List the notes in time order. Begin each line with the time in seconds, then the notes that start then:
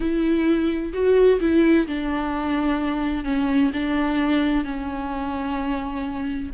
0.00 E4
0.93 F#4
1.40 E4
1.87 D4
3.24 C#4
3.73 D4
4.64 C#4